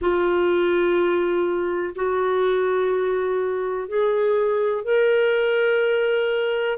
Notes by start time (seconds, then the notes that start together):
0.00 F4
1.95 F#4
3.88 G#4
4.84 A#4